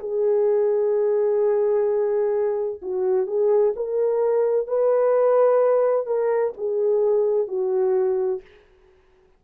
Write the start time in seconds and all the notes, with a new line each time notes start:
0.00 G#4
2.83 F#4
3.27 G#4
3.77 A#4
4.68 B4
6.07 A#4
6.58 G#4
7.48 F#4